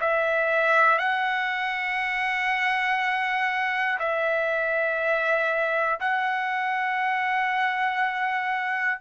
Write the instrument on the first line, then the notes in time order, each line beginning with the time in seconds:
trumpet
0.00 E5
0.98 F#5
3.99 E5
6.00 F#5